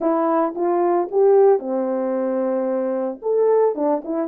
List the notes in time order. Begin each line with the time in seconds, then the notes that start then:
0.00 E4
0.55 F4
1.11 G4
1.59 C4
3.21 A4
3.75 D4
4.04 E4